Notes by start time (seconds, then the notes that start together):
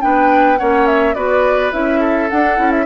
0.00 B3 D4 B4 G5
0.57 A#3 C#4 C#5 F#5
0.86 E5
1.14 B3 F#4 B4 D5
1.71 C#4 E4 E5
1.99 A4
2.30 D4 F#5
2.56 C#4 E4
2.71 E5